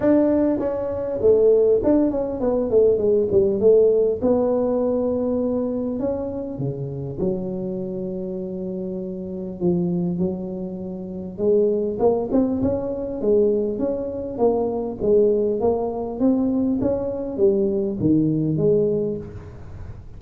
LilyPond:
\new Staff \with { instrumentName = "tuba" } { \time 4/4 \tempo 4 = 100 d'4 cis'4 a4 d'8 cis'8 | b8 a8 gis8 g8 a4 b4~ | b2 cis'4 cis4 | fis1 |
f4 fis2 gis4 | ais8 c'8 cis'4 gis4 cis'4 | ais4 gis4 ais4 c'4 | cis'4 g4 dis4 gis4 | }